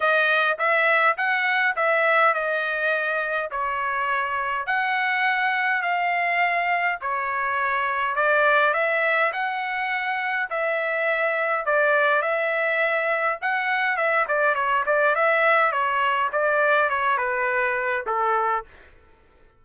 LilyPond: \new Staff \with { instrumentName = "trumpet" } { \time 4/4 \tempo 4 = 103 dis''4 e''4 fis''4 e''4 | dis''2 cis''2 | fis''2 f''2 | cis''2 d''4 e''4 |
fis''2 e''2 | d''4 e''2 fis''4 | e''8 d''8 cis''8 d''8 e''4 cis''4 | d''4 cis''8 b'4. a'4 | }